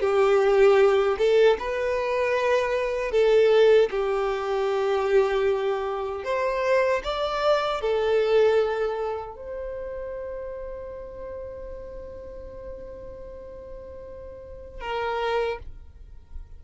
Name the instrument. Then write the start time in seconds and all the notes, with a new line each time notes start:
violin
0.00 G4
1.18 A4
1.59 B4
3.11 A4
3.90 G4
6.24 C5
7.03 D5
7.81 A4
9.35 C5
14.81 A#4